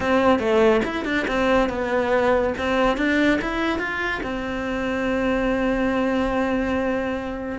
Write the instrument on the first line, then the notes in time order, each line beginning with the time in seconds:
cello
0.00 C4
0.39 A3
0.85 E4
1.04 D4
1.27 C4
1.69 B3
2.58 C4
2.97 D4
3.41 E4
3.78 F4
4.23 C4